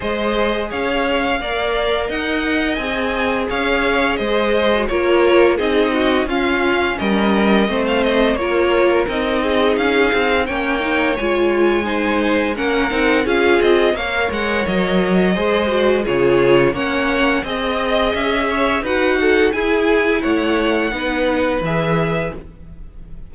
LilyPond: <<
  \new Staff \with { instrumentName = "violin" } { \time 4/4 \tempo 4 = 86 dis''4 f''2 fis''4 | gis''4 f''4 dis''4 cis''4 | dis''4 f''4 dis''4~ dis''16 f''16 dis''8 | cis''4 dis''4 f''4 g''4 |
gis''2 fis''4 f''8 dis''8 | f''8 fis''8 dis''2 cis''4 | fis''4 dis''4 e''4 fis''4 | gis''4 fis''2 e''4 | }
  \new Staff \with { instrumentName = "violin" } { \time 4/4 c''4 cis''4 d''4 dis''4~ | dis''4 cis''4 c''4 ais'4 | gis'8 fis'8 f'4 ais'4 c''4 | ais'4. gis'4. cis''4~ |
cis''4 c''4 ais'4 gis'4 | cis''2 c''4 gis'4 | cis''4 dis''4. cis''8 b'8 a'8 | gis'4 cis''4 b'2 | }
  \new Staff \with { instrumentName = "viola" } { \time 4/4 gis'2 ais'2 | gis'2~ gis'8. fis'16 f'4 | dis'4 cis'2 c'4 | f'4 dis'2 cis'8 dis'8 |
f'4 dis'4 cis'8 dis'8 f'4 | ais'2 gis'8 fis'8 f'4 | cis'4 gis'2 fis'4 | e'2 dis'4 gis'4 | }
  \new Staff \with { instrumentName = "cello" } { \time 4/4 gis4 cis'4 ais4 dis'4 | c'4 cis'4 gis4 ais4 | c'4 cis'4 g4 a4 | ais4 c'4 cis'8 c'8 ais4 |
gis2 ais8 c'8 cis'8 c'8 | ais8 gis8 fis4 gis4 cis4 | ais4 c'4 cis'4 dis'4 | e'4 a4 b4 e4 | }
>>